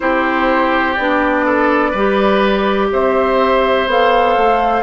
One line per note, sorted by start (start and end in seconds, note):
0.00 0.97 C4
0.00 0.96 E4
0.00 1.45 G4
0.00 0.94 C5
0.94 1.93 B3
0.94 1.96 D4
0.94 2.87 D5
1.45 1.90 A4
1.90 2.90 G3
1.90 3.88 G4
1.90 2.87 B4
2.92 3.86 C4
2.92 4.82 C5
2.92 3.89 E5
3.86 4.35 B3
3.86 4.82 A4
3.86 4.82 F5
4.37 4.82 A3